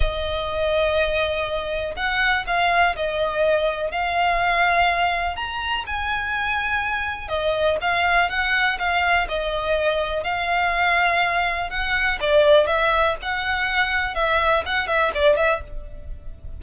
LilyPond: \new Staff \with { instrumentName = "violin" } { \time 4/4 \tempo 4 = 123 dis''1 | fis''4 f''4 dis''2 | f''2. ais''4 | gis''2. dis''4 |
f''4 fis''4 f''4 dis''4~ | dis''4 f''2. | fis''4 d''4 e''4 fis''4~ | fis''4 e''4 fis''8 e''8 d''8 e''8 | }